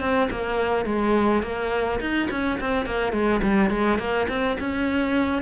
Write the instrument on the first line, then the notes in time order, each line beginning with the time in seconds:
cello
0.00 C4
0.30 A#3
0.85 G#3
1.42 A#3
2.00 D#4
2.30 C#4
2.60 C4
2.85 A#3
3.12 G#3
3.42 G3
3.70 G#3
3.98 A#3
4.28 C4
4.59 C#4